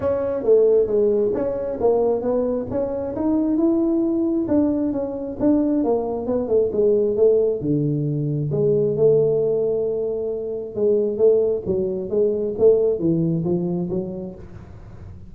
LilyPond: \new Staff \with { instrumentName = "tuba" } { \time 4/4 \tempo 4 = 134 cis'4 a4 gis4 cis'4 | ais4 b4 cis'4 dis'4 | e'2 d'4 cis'4 | d'4 ais4 b8 a8 gis4 |
a4 d2 gis4 | a1 | gis4 a4 fis4 gis4 | a4 e4 f4 fis4 | }